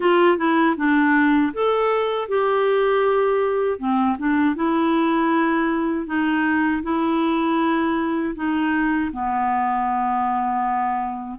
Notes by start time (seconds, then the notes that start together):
0.00 F4
0.37 E4
0.76 D4
1.53 A4
2.28 G4
3.78 C4
4.18 D4
4.55 E4
6.06 D#4
6.83 E4
8.35 D#4
9.12 B3